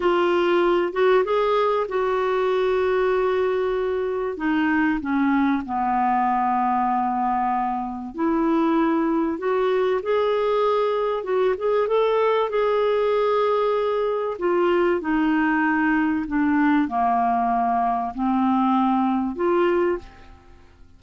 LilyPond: \new Staff \with { instrumentName = "clarinet" } { \time 4/4 \tempo 4 = 96 f'4. fis'8 gis'4 fis'4~ | fis'2. dis'4 | cis'4 b2.~ | b4 e'2 fis'4 |
gis'2 fis'8 gis'8 a'4 | gis'2. f'4 | dis'2 d'4 ais4~ | ais4 c'2 f'4 | }